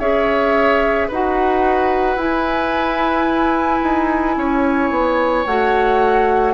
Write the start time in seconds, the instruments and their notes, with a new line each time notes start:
0.00 bassoon C#4, clarinet G#4, oboe C#5, flute E5
1.08 bassoon D#4, clarinet F#4, oboe B4, flute F#5
2.17 bassoon E4, clarinet E4, flute G#5
3.83 bassoon D#4
4.37 bassoon C#4, oboe C#5
4.91 bassoon B3
5.46 bassoon A3, clarinet F#4, flute F#5